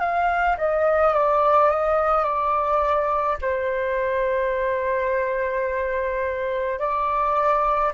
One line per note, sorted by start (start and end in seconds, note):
0.00 0.57 F5
0.58 1.14 D#5
1.14 1.70 D5
1.70 2.24 D#5
2.24 3.37 D5
3.42 6.79 C5
6.79 7.92 D5